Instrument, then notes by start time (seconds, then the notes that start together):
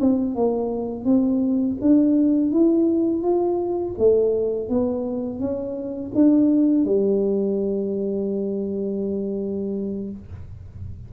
tuba
0.00 C4
0.35 A#3
1.04 C4
1.81 D4
2.51 E4
3.22 F4
3.98 A3
4.69 B3
5.39 C#4
6.14 D4
6.84 G3